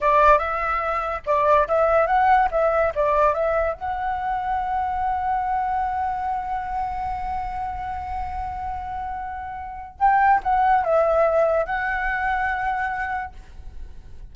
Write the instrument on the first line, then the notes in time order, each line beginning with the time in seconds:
flute
0.00 D5
0.38 E5
1.26 D5
1.68 E5
2.07 F#5
2.51 E5
2.95 D5
3.34 E5
3.73 F#5
9.99 G5
10.43 F#5
10.83 E5
11.66 F#5